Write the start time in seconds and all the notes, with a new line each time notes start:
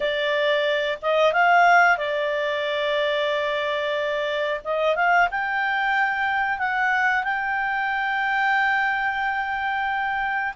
0.00 D5
1.02 D#5
1.32 F5
1.97 D5
4.64 D#5
4.95 F5
5.30 G5
6.58 F#5
7.23 G5